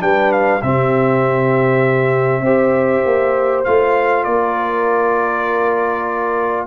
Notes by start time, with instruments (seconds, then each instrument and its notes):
0.00 tuba G3, trombone D4, horn B4, trumpet G5
0.32 trumpet F5
0.62 tuba C3, trombone C4, horn G4, trumpet E5
2.41 tuba C4, trombone G4, horn C5
3.06 tuba A#3
3.65 tuba A3, trombone F4, trumpet F5
4.24 tuba A#3, horn A#4, trumpet D5